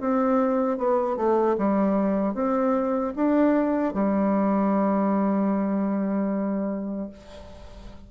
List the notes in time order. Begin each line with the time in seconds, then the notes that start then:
0.00 C4
0.78 B3
1.16 A3
1.58 G3
2.34 C4
3.15 D4
3.94 G3